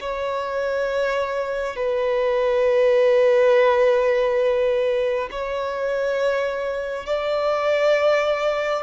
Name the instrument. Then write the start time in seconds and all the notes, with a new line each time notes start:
violin
0.00 C#5
1.76 B4
5.31 C#5
7.06 D5